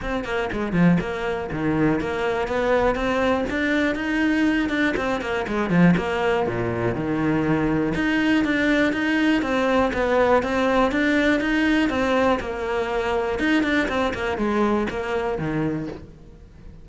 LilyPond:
\new Staff \with { instrumentName = "cello" } { \time 4/4 \tempo 4 = 121 c'8 ais8 gis8 f8 ais4 dis4 | ais4 b4 c'4 d'4 | dis'4. d'8 c'8 ais8 gis8 f8 | ais4 ais,4 dis2 |
dis'4 d'4 dis'4 c'4 | b4 c'4 d'4 dis'4 | c'4 ais2 dis'8 d'8 | c'8 ais8 gis4 ais4 dis4 | }